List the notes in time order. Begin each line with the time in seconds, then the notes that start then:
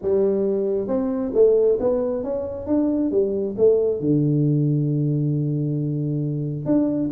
0.01 G3
0.87 C4
1.33 A3
1.80 B3
2.23 C#4
2.66 D4
3.11 G3
3.57 A3
4.00 D3
6.65 D4